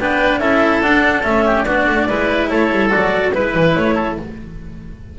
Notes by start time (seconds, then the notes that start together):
0.00 B3 D4 B4 G5
0.39 C#4 E4 A4 E5
0.82 D4 F#5
1.24 A3 C#4 E5
1.47 G4
1.64 B3 D4 F#4 D5
1.87 A3
2.09 G#3 E4 B4
2.49 A3 A4 C#5
2.72 G3
2.90 F#3 F#4 D5
3.33 G#3 E4 B4
3.55 E3
3.75 A3 C#5
3.95 A4